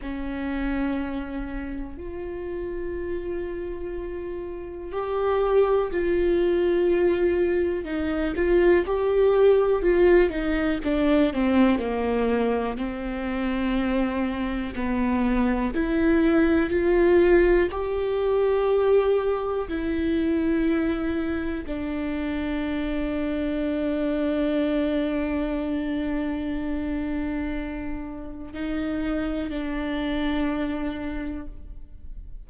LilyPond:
\new Staff \with { instrumentName = "viola" } { \time 4/4 \tempo 4 = 61 cis'2 f'2~ | f'4 g'4 f'2 | dis'8 f'8 g'4 f'8 dis'8 d'8 c'8 | ais4 c'2 b4 |
e'4 f'4 g'2 | e'2 d'2~ | d'1~ | d'4 dis'4 d'2 | }